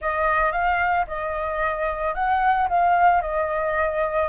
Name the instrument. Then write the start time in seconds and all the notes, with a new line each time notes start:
flute
0.01 D#5
0.52 F5
1.07 D#5
2.14 F#5
2.68 F5
3.21 D#5